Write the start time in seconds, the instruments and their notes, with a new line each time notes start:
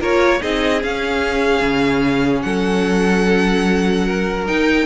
0.00 cello A#3, viola F4, violin A#4 C#5
0.41 cello C4, viola D#4, violin G#4 D#5
0.82 viola C#4, cello C#4, violin F5
1.61 cello C#3
2.42 cello F#3, violin A4 F#5
4.07 violin A#4
4.46 viola D#4, cello D#4, violin G5